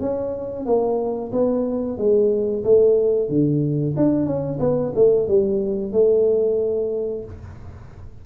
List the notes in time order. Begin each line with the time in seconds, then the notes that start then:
0.00 C#4
0.66 A#3
1.32 B3
1.98 G#3
2.64 A3
3.29 D3
3.96 D4
4.26 C#4
4.60 B3
4.95 A3
5.28 G3
5.93 A3